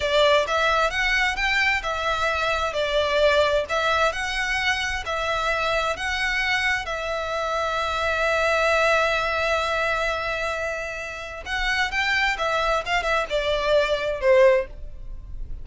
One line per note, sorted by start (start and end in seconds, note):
0.00 0.46 D5
0.47 0.90 E5
0.90 1.36 F#5
1.36 1.82 G5
1.83 2.73 E5
2.73 3.65 D5
3.69 4.12 E5
4.12 5.04 F#5
5.05 5.96 E5
5.96 6.85 F#5
6.85 11.43 E5
11.45 11.91 F#5
11.91 12.37 G5
12.38 12.83 E5
12.85 13.02 F5
13.02 13.25 E5
13.29 14.20 D5
14.20 14.66 C5